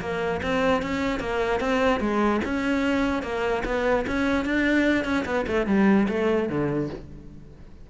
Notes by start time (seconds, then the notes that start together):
0.00 A#3
0.42 C4
0.82 C#4
1.19 A#3
1.60 C4
2.00 G#3
2.44 C#4
3.22 A#3
3.65 B3
4.07 C#4
4.45 D4
5.04 C#4
5.25 B3
5.47 A3
5.66 G3
6.08 A3
6.49 D3